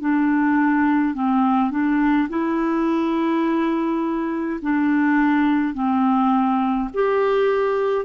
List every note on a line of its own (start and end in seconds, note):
0.00 1.14 D4
1.14 1.70 C4
1.70 2.28 D4
2.29 4.60 E4
4.62 5.74 D4
5.74 6.89 C4
6.94 8.05 G4